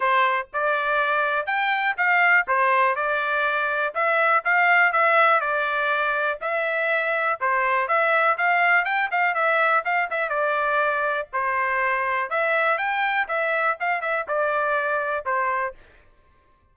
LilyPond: \new Staff \with { instrumentName = "trumpet" } { \time 4/4 \tempo 4 = 122 c''4 d''2 g''4 | f''4 c''4 d''2 | e''4 f''4 e''4 d''4~ | d''4 e''2 c''4 |
e''4 f''4 g''8 f''8 e''4 | f''8 e''8 d''2 c''4~ | c''4 e''4 g''4 e''4 | f''8 e''8 d''2 c''4 | }